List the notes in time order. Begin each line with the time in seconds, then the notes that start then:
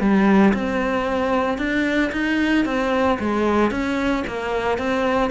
0.00 G3
0.54 C4
1.58 D4
2.12 D#4
2.65 C4
3.20 G#3
3.71 C#4
4.27 A#3
4.78 C4